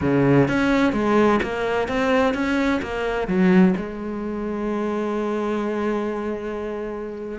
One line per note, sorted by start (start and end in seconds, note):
0.01 0.48 C#3
0.48 0.93 C#4
0.93 1.39 G#3
1.43 1.88 A#3
1.88 2.34 C4
2.34 2.80 C#4
2.81 3.27 A#3
3.27 3.74 F#3
3.76 7.38 G#3